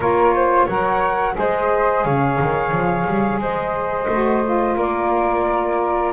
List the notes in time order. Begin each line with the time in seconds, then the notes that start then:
0.00 A#3 F4 A#4 C#5
0.35 C5
0.65 F#3 A#4 C#5 F#5
1.33 G#3 G#4 C5 D#5
2.04 C#3 C#5 F5
2.41 D#3
2.71 F3
3.06 G3
3.38 G#3 C5 D#5
4.08 A3 F#4
4.43 F4
4.76 A#3 A#4 D5